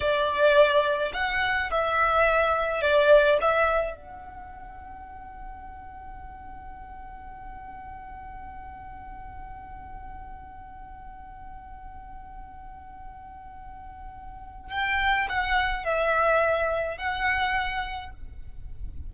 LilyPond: \new Staff \with { instrumentName = "violin" } { \time 4/4 \tempo 4 = 106 d''2 fis''4 e''4~ | e''4 d''4 e''4 fis''4~ | fis''1~ | fis''1~ |
fis''1~ | fis''1~ | fis''2 g''4 fis''4 | e''2 fis''2 | }